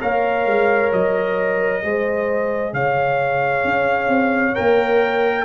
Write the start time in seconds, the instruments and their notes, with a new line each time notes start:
0.00 tuba A#3, trombone A#4, horn C#5, trumpet F5
0.46 tuba G#3
0.92 tuba F#3, trumpet D#5
1.81 tuba G#3, trombone G#4, horn C5
2.73 tuba C#3, horn C#5, trumpet F5
3.64 tuba C#4
4.08 tuba C4
4.54 tuba A#3, trombone A#4, trumpet G5